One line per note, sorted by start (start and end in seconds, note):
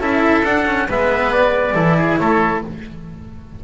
0.00 0.43 C#4
0.00 0.44 E4
0.00 0.88 A4
0.00 0.45 E5
0.45 0.88 D4
0.45 0.67 D4
0.45 0.88 F#5
0.67 0.89 C#4
0.89 1.75 G#3
0.89 1.75 B3
0.89 1.75 B4
0.89 1.33 E5
1.33 2.19 D5
1.75 2.18 E3
1.75 2.62 E4
1.75 1.97 A4
1.98 2.20 G#4
2.19 2.64 A3
2.19 2.64 A4
2.19 2.62 C#5